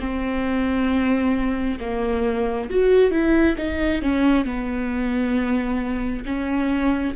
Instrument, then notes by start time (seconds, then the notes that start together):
viola
0.00 C4
1.80 A#3
2.70 F#4
3.11 E4
3.57 D#4
4.02 C#4
4.45 B3
6.25 C#4